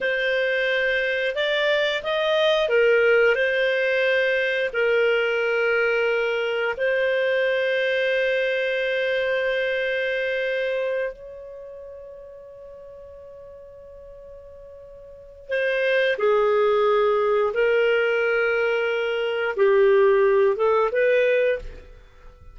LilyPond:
\new Staff \with { instrumentName = "clarinet" } { \time 4/4 \tempo 4 = 89 c''2 d''4 dis''4 | ais'4 c''2 ais'4~ | ais'2 c''2~ | c''1~ |
c''8 cis''2.~ cis''8~ | cis''2. c''4 | gis'2 ais'2~ | ais'4 g'4. a'8 b'4 | }